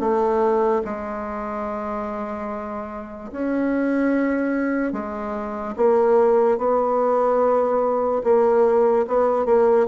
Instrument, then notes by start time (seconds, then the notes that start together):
bassoon
0.00 A3
0.85 G#3
3.32 C#4
4.93 G#3
5.76 A#3
6.58 B3
8.24 A#3
9.08 B3
9.46 A#3